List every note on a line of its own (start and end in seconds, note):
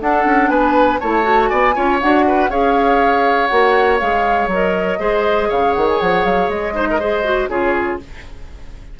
0.00 1.00 D4
0.00 0.25 D4
0.00 0.50 A4
0.00 0.49 F#5
0.25 0.49 C#4
0.49 0.99 B3
0.49 1.00 B4
0.49 0.99 G#5
1.00 1.51 A3
1.00 1.22 E4
1.00 1.50 C#5
1.00 1.48 A5
1.22 1.72 F#4
1.48 1.76 B3
1.48 1.75 D5
1.48 1.98 G#5
1.75 2.01 C#4
1.75 2.00 F4
1.75 2.25 C#5
2.01 2.49 D4
2.01 2.50 F#4
2.01 2.50 F#5
2.27 2.50 B4
2.49 3.49 C#4
2.49 3.49 G#4
2.49 4.99 C#5
2.49 3.47 F5
3.47 4.01 A#3
3.47 3.99 F#4
3.47 3.97 F#5
3.98 4.47 G#3
3.98 4.50 G#4
3.98 4.48 F5
4.47 4.97 F#3
4.47 4.99 A#4
4.53 5.50 D#5
4.99 5.49 G#3
4.99 6.73 G#4
4.99 5.48 C5
5.48 5.76 C#3
5.48 6.73 C#5
5.48 5.73 F5
5.73 6.01 D#3
5.73 5.86 F#5
5.88 6.00 G#5
6.00 6.25 F3
6.00 6.25 F#5
6.25 6.48 F#3
6.25 6.50 F5
6.48 7.48 G#3
6.48 7.49 D#5
6.73 6.98 D#4
6.73 6.87 C5
6.90 7.00 A#4
7.00 7.24 G#4
7.00 7.50 C5
7.24 7.49 F#4
7.49 7.99 C#3
7.49 7.99 F4
7.49 8.00 G#4
7.49 7.99 C#5